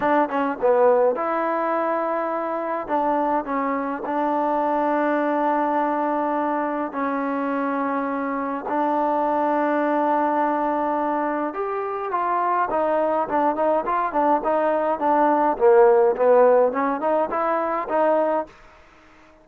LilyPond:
\new Staff \with { instrumentName = "trombone" } { \time 4/4 \tempo 4 = 104 d'8 cis'8 b4 e'2~ | e'4 d'4 cis'4 d'4~ | d'1 | cis'2. d'4~ |
d'1 | g'4 f'4 dis'4 d'8 dis'8 | f'8 d'8 dis'4 d'4 ais4 | b4 cis'8 dis'8 e'4 dis'4 | }